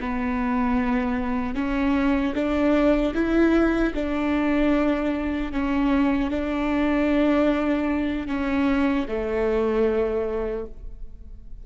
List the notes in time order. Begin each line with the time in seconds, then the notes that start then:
0.00 B3
1.55 C#4
2.35 D4
3.14 E4
3.94 D4
5.52 C#4
6.31 D4
8.28 C#4
9.08 A3